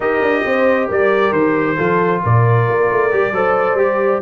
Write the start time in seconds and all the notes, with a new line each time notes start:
0.00 D#4 G4 A#4 D#5
0.21 D4
0.45 C4 C5
0.87 G3 A#4 D5
1.32 D#3 C5
1.76 F3 F4 A4
2.23 A#2 A#4 D5
2.68 A#3
2.91 A3
3.11 G3 G4
3.32 F#3 A4 C5
3.73 G3 G4